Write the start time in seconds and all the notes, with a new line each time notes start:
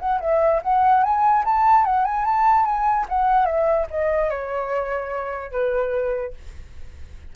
0.00 F#5
0.21 E5
0.63 F#5
1.04 G#5
1.45 A5
1.85 F#5
2.05 G#5
2.25 A5
2.65 G#5
3.09 F#5
3.46 E5
3.91 D#5
4.30 C#5
5.52 B4